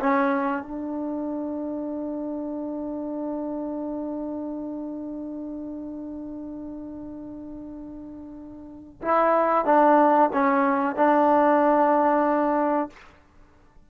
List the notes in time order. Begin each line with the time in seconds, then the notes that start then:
0.00 C#4
0.62 D4
9.02 E4
9.65 D4
10.33 C#4
10.96 D4